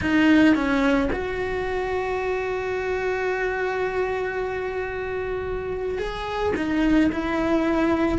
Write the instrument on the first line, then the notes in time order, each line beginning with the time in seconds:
cello
0.01 D#4
0.55 C#4
1.12 F#4
5.98 G#4
6.56 D#4
7.12 E4